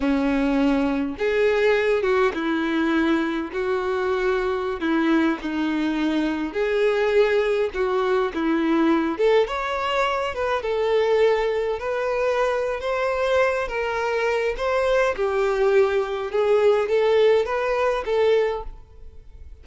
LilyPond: \new Staff \with { instrumentName = "violin" } { \time 4/4 \tempo 4 = 103 cis'2 gis'4. fis'8 | e'2 fis'2~ | fis'16 e'4 dis'2 gis'8.~ | gis'4~ gis'16 fis'4 e'4. a'16~ |
a'16 cis''4. b'8 a'4.~ a'16~ | a'16 b'4.~ b'16 c''4. ais'8~ | ais'4 c''4 g'2 | gis'4 a'4 b'4 a'4 | }